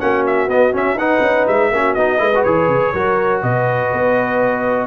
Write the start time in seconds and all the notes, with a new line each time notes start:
0.00 A#3 C#4 F#4 F#5
0.27 E5
0.48 B3 D#5
0.72 C#4 E5
0.94 D#4 B4 F#5
1.21 C#4
1.48 G#3 E5
1.71 A#3 C#4 F#4
1.94 B3 D#4 D#5
2.19 G#3 E4 B4
2.35 F#4
2.43 E3 G#4 C#5
2.68 C#3
2.93 F#3 F#4 A#4
3.42 B2 B4 D#5
3.93 B3